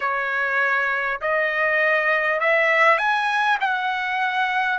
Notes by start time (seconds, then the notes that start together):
0.00 C#5
1.21 D#5
2.39 E5
2.98 G#5
3.60 F#5